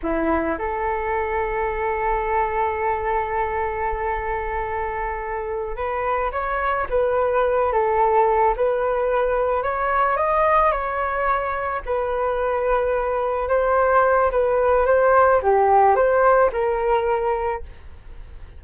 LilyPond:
\new Staff \with { instrumentName = "flute" } { \time 4/4 \tempo 4 = 109 e'4 a'2.~ | a'1~ | a'2~ a'8 b'4 cis''8~ | cis''8 b'4. a'4. b'8~ |
b'4. cis''4 dis''4 cis''8~ | cis''4. b'2~ b'8~ | b'8 c''4. b'4 c''4 | g'4 c''4 ais'2 | }